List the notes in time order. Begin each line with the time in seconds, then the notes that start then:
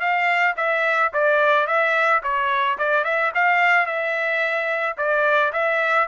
0.00 F5
0.57 E5
1.13 D5
1.67 E5
2.23 C#5
2.78 D5
3.05 E5
3.35 F5
3.86 E5
4.97 D5
5.53 E5